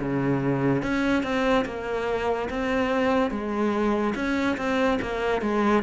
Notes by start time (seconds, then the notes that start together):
0.00 C#3
0.83 C#4
1.23 C4
1.66 A#3
2.50 C4
3.31 G#3
4.16 C#4
4.58 C4
5.02 A#3
5.42 G#3